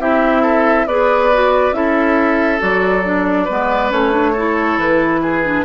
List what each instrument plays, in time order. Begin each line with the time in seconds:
0.00 bassoon C4, clarinet E4, oboe G4, flute E5
0.42 oboe A4
0.87 bassoon B3, clarinet G#4, oboe B4, flute D5
1.34 clarinet F#4
1.72 bassoon C#4, clarinet E4, oboe A4, flute E5
2.60 bassoon F#3, clarinet F#4, flute D5
3.05 clarinet D4
3.45 bassoon G#3, clarinet B3, oboe B4
3.91 bassoon A3, clarinet C#4, flute C#5
4.12 clarinet D4
4.33 clarinet E4, oboe A4
4.78 bassoon E3, flute B4
5.23 oboe G#4
5.44 clarinet D4